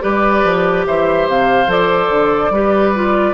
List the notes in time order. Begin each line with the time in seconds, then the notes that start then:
0.00 G3 G4 B4 D5
0.44 F3
0.87 E3 C5 E5
1.28 C3 F5
1.67 F3 A4 D5
2.09 D3
2.50 G3 G4 B4
2.95 F4